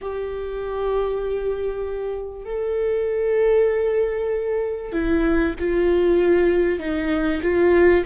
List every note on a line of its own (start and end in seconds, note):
0.01 2.45 G4
2.45 4.92 A4
4.92 5.54 E4
5.59 6.79 F4
6.79 7.41 D#4
7.42 8.04 F4